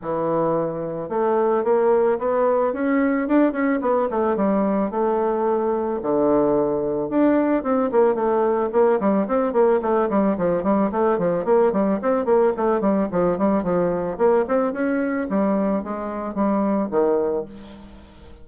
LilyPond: \new Staff \with { instrumentName = "bassoon" } { \time 4/4 \tempo 4 = 110 e2 a4 ais4 | b4 cis'4 d'8 cis'8 b8 a8 | g4 a2 d4~ | d4 d'4 c'8 ais8 a4 |
ais8 g8 c'8 ais8 a8 g8 f8 g8 | a8 f8 ais8 g8 c'8 ais8 a8 g8 | f8 g8 f4 ais8 c'8 cis'4 | g4 gis4 g4 dis4 | }